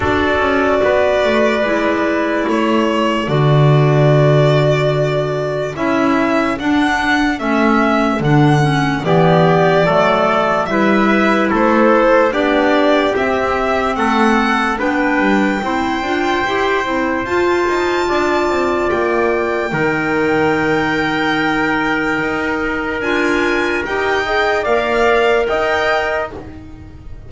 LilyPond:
<<
  \new Staff \with { instrumentName = "violin" } { \time 4/4 \tempo 4 = 73 d''2. cis''4 | d''2. e''4 | fis''4 e''4 fis''4 d''4~ | d''4 e''4 c''4 d''4 |
e''4 fis''4 g''2~ | g''4 a''2 g''4~ | g''1 | gis''4 g''4 f''4 g''4 | }
  \new Staff \with { instrumentName = "trumpet" } { \time 4/4 a'4 b'2 a'4~ | a'1~ | a'2. g'4 | a'4 b'4 a'4 g'4~ |
g'4 a'4 b'4 c''4~ | c''2 d''2 | ais'1~ | ais'4. dis''8 d''4 dis''4 | }
  \new Staff \with { instrumentName = "clarinet" } { \time 4/4 fis'2 e'2 | fis'2. e'4 | d'4 cis'4 d'8 cis'8 b4 | a4 e'2 d'4 |
c'2 d'4 e'8 f'8 | g'8 e'8 f'2. | dis'1 | f'4 g'8 gis'8 ais'2 | }
  \new Staff \with { instrumentName = "double bass" } { \time 4/4 d'8 cis'8 b8 a8 gis4 a4 | d2. cis'4 | d'4 a4 d4 e4 | fis4 g4 a4 b4 |
c'4 a4 b8 g8 c'8 d'8 | e'8 c'8 f'8 dis'8 d'8 c'8 ais4 | dis2. dis'4 | d'4 dis'4 ais4 dis'4 | }
>>